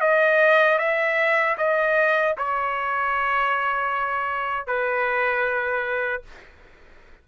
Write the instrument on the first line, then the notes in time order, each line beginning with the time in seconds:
trumpet
0.00 D#5
0.78 E5
1.57 D#5
2.37 C#5
4.66 B4